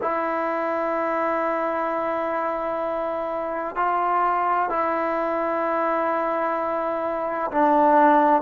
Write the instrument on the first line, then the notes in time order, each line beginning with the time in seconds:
trombone
0.01 E4
3.75 F4
4.69 E4
7.51 D4